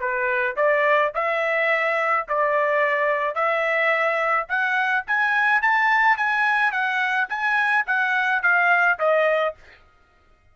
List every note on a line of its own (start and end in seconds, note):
0.00 0.56 B4
0.57 1.13 D5
1.15 2.27 E5
2.28 3.35 D5
3.35 4.47 E5
4.49 5.05 F#5
5.07 5.62 G#5
5.62 6.17 A5
6.17 6.72 G#5
6.72 7.28 F#5
7.29 7.86 G#5
7.87 8.43 F#5
8.43 8.99 F5
8.99 9.56 D#5